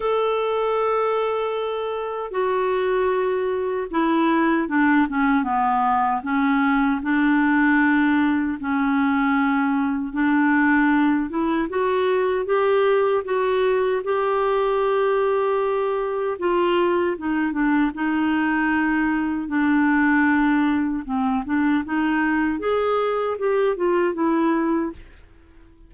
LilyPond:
\new Staff \with { instrumentName = "clarinet" } { \time 4/4 \tempo 4 = 77 a'2. fis'4~ | fis'4 e'4 d'8 cis'8 b4 | cis'4 d'2 cis'4~ | cis'4 d'4. e'8 fis'4 |
g'4 fis'4 g'2~ | g'4 f'4 dis'8 d'8 dis'4~ | dis'4 d'2 c'8 d'8 | dis'4 gis'4 g'8 f'8 e'4 | }